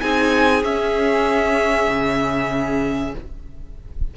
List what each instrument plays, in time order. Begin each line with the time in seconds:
0.00 cello C4, viola D#4, violin G#4 G#5
0.63 cello C#4, viola C#4, violin E5
1.89 cello C#3